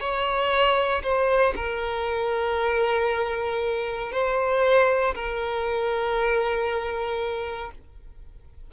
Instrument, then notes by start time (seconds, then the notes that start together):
violin
0.00 C#5
1.03 C5
1.56 A#4
4.12 C5
5.15 A#4